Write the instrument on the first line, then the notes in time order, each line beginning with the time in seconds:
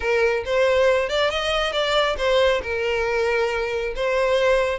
violin
0.00 A#4
0.45 C5
1.09 D5
1.30 D#5
1.72 D5
2.17 C5
2.62 A#4
3.95 C5